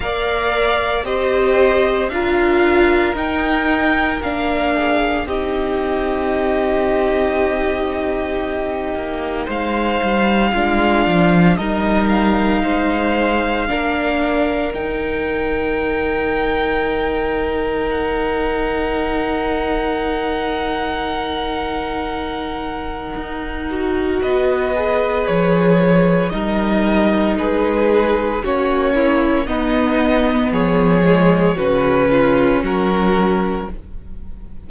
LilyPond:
<<
  \new Staff \with { instrumentName = "violin" } { \time 4/4 \tempo 4 = 57 f''4 dis''4 f''4 g''4 | f''4 dis''2.~ | dis''4 f''2 dis''8 f''8~ | f''2 g''2~ |
g''4 fis''2.~ | fis''2. dis''4 | cis''4 dis''4 b'4 cis''4 | dis''4 cis''4 b'4 ais'4 | }
  \new Staff \with { instrumentName = "violin" } { \time 4/4 d''4 c''4 ais'2~ | ais'8 gis'8 g'2.~ | g'4 c''4 f'4 ais'4 | c''4 ais'2.~ |
ais'1~ | ais'2. b'4~ | b'4 ais'4 gis'4 fis'8 e'8 | dis'4 gis'4 fis'8 f'8 fis'4 | }
  \new Staff \with { instrumentName = "viola" } { \time 4/4 ais'4 g'4 f'4 dis'4 | d'4 dis'2.~ | dis'2 d'4 dis'4~ | dis'4 d'4 dis'2~ |
dis'1~ | dis'2~ dis'8 fis'4 gis'8~ | gis'4 dis'2 cis'4 | b4. gis8 cis'2 | }
  \new Staff \with { instrumentName = "cello" } { \time 4/4 ais4 c'4 d'4 dis'4 | ais4 c'2.~ | c'8 ais8 gis8 g8 gis8 f8 g4 | gis4 ais4 dis2~ |
dis1~ | dis2 dis'4 b4 | f4 g4 gis4 ais4 | b4 f4 cis4 fis4 | }
>>